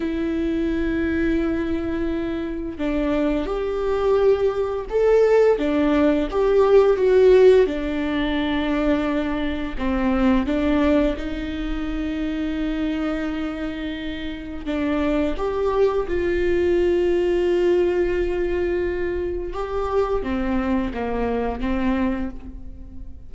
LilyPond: \new Staff \with { instrumentName = "viola" } { \time 4/4 \tempo 4 = 86 e'1 | d'4 g'2 a'4 | d'4 g'4 fis'4 d'4~ | d'2 c'4 d'4 |
dis'1~ | dis'4 d'4 g'4 f'4~ | f'1 | g'4 c'4 ais4 c'4 | }